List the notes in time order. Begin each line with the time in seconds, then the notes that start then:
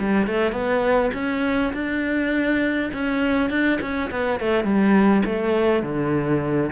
0.00 G3
0.27 A3
0.53 B3
1.14 C#4
1.74 D4
2.94 C#4
3.50 D4
3.82 C#4
4.11 B3
4.40 A3
4.65 G3
5.26 A3
5.83 D3